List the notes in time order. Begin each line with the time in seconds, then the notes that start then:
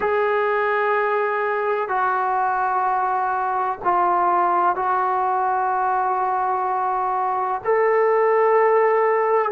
0.00 G#4
1.88 F#4
3.84 F4
4.75 F#4
7.64 A4